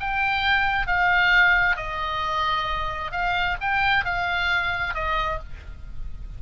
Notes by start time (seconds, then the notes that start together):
0.00 G5
0.87 F5
1.76 D#5
3.11 F5
3.61 G5
4.05 F5
4.94 D#5